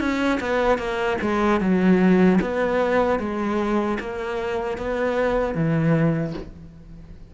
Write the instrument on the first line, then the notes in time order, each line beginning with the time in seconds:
cello
0.00 C#4
0.40 B3
0.78 A#3
1.21 G#3
1.60 F#3
2.41 B3
3.19 G#3
4.00 A#3
4.78 B3
5.54 E3